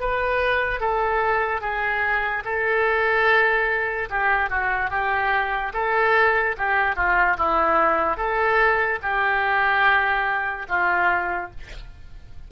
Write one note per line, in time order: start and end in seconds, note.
0.00 0.80 B4
0.80 1.61 A4
1.61 2.43 G#4
2.45 4.09 A4
4.10 4.50 G4
4.50 4.90 F#4
4.90 5.72 G4
5.73 6.56 A4
6.58 6.96 G4
6.96 7.37 F4
7.37 8.17 E4
8.17 8.99 A4
9.02 10.67 G4
10.68 11.51 F4